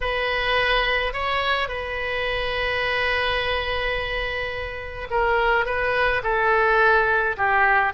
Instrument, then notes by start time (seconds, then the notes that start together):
oboe
0.01 B4
1.13 C#5
1.68 B4
5.10 A#4
5.65 B4
6.23 A4
7.37 G4